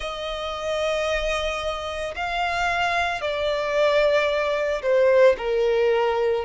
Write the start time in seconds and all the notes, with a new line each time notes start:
0.00 D#5
2.15 F5
3.21 D5
4.82 C5
5.37 A#4